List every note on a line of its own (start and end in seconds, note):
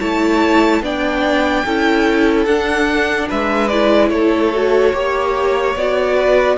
0.00 0.82 A3
0.00 0.83 E4
0.00 0.82 C#5
0.00 0.82 A5
0.82 1.64 B3
0.82 1.65 D4
0.82 1.65 D5
0.82 2.45 G5
1.65 2.46 C#4
1.65 2.48 E4
1.65 3.28 A4
2.45 3.28 D4
2.45 3.71 D4
2.45 3.28 F#5
3.28 4.11 G#3
3.28 4.10 B4
3.28 3.68 E5
3.68 4.53 E4
3.68 4.09 D5
4.09 4.93 A3
4.09 4.95 A4
4.09 5.74 C#5
4.53 4.93 F#4
4.93 5.75 A#3
4.93 5.75 G4
4.93 6.16 C#5
5.75 6.57 B3
5.75 6.58 F#4
5.75 6.58 D5
6.16 6.57 B4